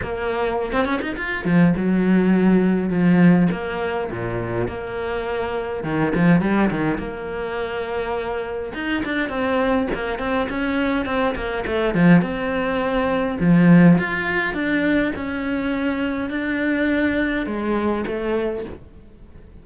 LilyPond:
\new Staff \with { instrumentName = "cello" } { \time 4/4 \tempo 4 = 103 ais4~ ais16 c'16 cis'16 dis'16 f'8 f8 fis4~ | fis4 f4 ais4 ais,4 | ais2 dis8 f8 g8 dis8 | ais2. dis'8 d'8 |
c'4 ais8 c'8 cis'4 c'8 ais8 | a8 f8 c'2 f4 | f'4 d'4 cis'2 | d'2 gis4 a4 | }